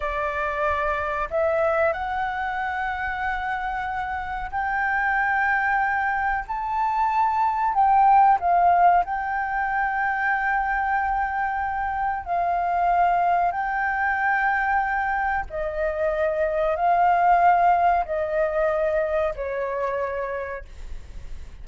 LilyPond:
\new Staff \with { instrumentName = "flute" } { \time 4/4 \tempo 4 = 93 d''2 e''4 fis''4~ | fis''2. g''4~ | g''2 a''2 | g''4 f''4 g''2~ |
g''2. f''4~ | f''4 g''2. | dis''2 f''2 | dis''2 cis''2 | }